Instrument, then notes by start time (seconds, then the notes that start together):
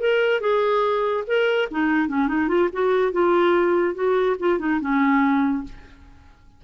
clarinet
0.00 A#4
0.41 G#4
1.27 A#4
1.71 D#4
2.09 C#4
2.28 D#4
2.49 F4
2.73 F#4
3.13 F4
3.95 F#4
4.40 F4
4.60 D#4
4.81 C#4